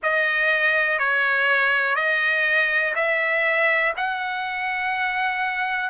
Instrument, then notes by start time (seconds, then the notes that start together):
trumpet
0.02 D#5
0.98 C#5
1.95 D#5
2.95 E5
3.97 F#5